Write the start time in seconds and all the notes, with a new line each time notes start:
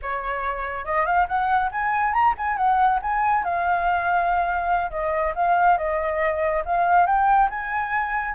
0.02 C#5
0.85 D#5
1.06 F5
1.27 F#5
1.71 G#5
2.13 A#5
2.37 G#5
2.56 F#5
3.02 G#5
3.44 F5
4.90 D#5
5.35 F5
5.77 D#5
6.65 F5
7.06 G5
7.50 G#5